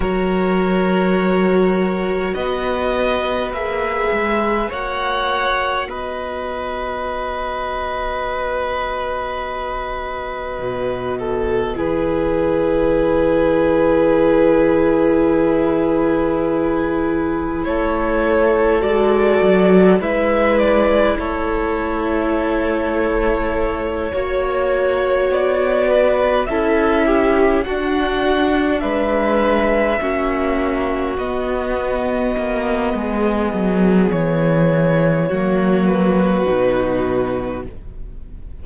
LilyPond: <<
  \new Staff \with { instrumentName = "violin" } { \time 4/4 \tempo 4 = 51 cis''2 dis''4 e''4 | fis''4 dis''2.~ | dis''2 b'2~ | b'2. cis''4 |
d''4 e''8 d''8 cis''2~ | cis''4. d''4 e''4 fis''8~ | fis''8 e''2 dis''4.~ | dis''4 cis''4. b'4. | }
  \new Staff \with { instrumentName = "violin" } { \time 4/4 ais'2 b'2 | cis''4 b'2.~ | b'4. a'8 gis'2~ | gis'2. a'4~ |
a'4 b'4 a'2~ | a'8 cis''4. b'8 a'8 g'8 fis'8~ | fis'8 b'4 fis'2~ fis'8 | gis'2 fis'2 | }
  \new Staff \with { instrumentName = "viola" } { \time 4/4 fis'2. gis'4 | fis'1~ | fis'2 e'2~ | e'1 |
fis'4 e'2.~ | e'8 fis'2 e'4 d'8~ | d'4. cis'4 b4.~ | b2 ais4 dis'4 | }
  \new Staff \with { instrumentName = "cello" } { \time 4/4 fis2 b4 ais8 gis8 | ais4 b2.~ | b4 b,4 e2~ | e2. a4 |
gis8 fis8 gis4 a2~ | a8 ais4 b4 cis'4 d'8~ | d'8 gis4 ais4 b4 ais8 | gis8 fis8 e4 fis4 b,4 | }
>>